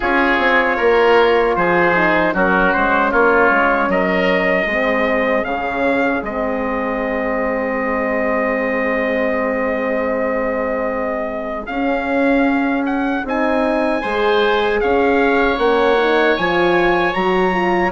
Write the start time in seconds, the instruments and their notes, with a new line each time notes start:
0.00 bassoon C#4, horn F4, oboe G#4, trumpet C#5
0.38 bassoon C4
0.76 bassoon A#3, oboe A#4
1.56 bassoon F3, oboe G#4, trumpet C5
1.95 horn D#4
2.33 bassoon F#3, horn C#4, oboe F#4, trumpet A#4
2.73 bassoon G#3, trumpet C5
3.11 bassoon A#3, oboe F4, trumpet C#5
3.50 bassoon G#3
3.88 bassoon F#3, oboe A#4, trumpet D#5
4.66 bassoon G#3, horn C4, oboe G#4
5.43 bassoon C#3, horn C#4, trumpet F5
6.21 bassoon G#3, horn C4, trumpet D#5
11.66 bassoon C#4, horn C#4, trumpet F5
12.86 trumpet F#5
13.24 bassoon C4, horn D#4, trumpet G#5
14.01 bassoon G#3, horn G#4, oboe C5
14.80 bassoon C#4, oboe C#5, trumpet F5
15.58 bassoon A#3, horn C#4, trumpet F#5
16.00 horn D#4
16.36 bassoon F3, horn F4, trumpet G#5
17.13 bassoon F#3, horn F#4, trumpet A#5
17.52 horn F4